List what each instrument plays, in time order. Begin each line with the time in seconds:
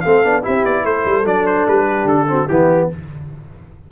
0.00 tuba A3, trombone C4, horn A4, trumpet F5
0.24 tuba B3, trombone D4
0.42 tuba C4, trombone E4, horn G4, trumpet E5
0.64 tuba B3, trumpet D5
0.84 tuba A3, horn A4, trumpet C5
1.05 tuba G3
1.25 tuba F#3, trombone D4, trumpet D5
1.46 trumpet C5
1.67 tuba G3, trumpet B4
1.87 horn G4
2.05 tuba D3, trumpet A4
2.27 trombone C4, horn F#4
2.48 tuba E3, trombone B3, horn E4, trumpet G4